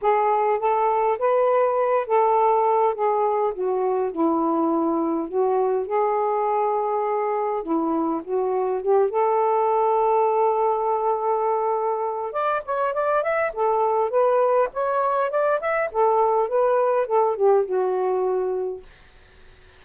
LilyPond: \new Staff \with { instrumentName = "saxophone" } { \time 4/4 \tempo 4 = 102 gis'4 a'4 b'4. a'8~ | a'4 gis'4 fis'4 e'4~ | e'4 fis'4 gis'2~ | gis'4 e'4 fis'4 g'8 a'8~ |
a'1~ | a'4 d''8 cis''8 d''8 e''8 a'4 | b'4 cis''4 d''8 e''8 a'4 | b'4 a'8 g'8 fis'2 | }